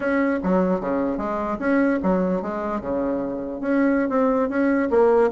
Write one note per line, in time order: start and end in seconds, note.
0.00 0.39 C#4
0.43 0.80 F#3
0.80 1.17 C#3
1.17 1.57 G#3
1.59 1.99 C#4
2.02 2.42 F#3
2.42 2.80 G#3
2.80 3.60 C#3
3.60 4.09 C#4
4.09 4.49 C4
4.49 4.89 C#4
4.90 5.30 A#3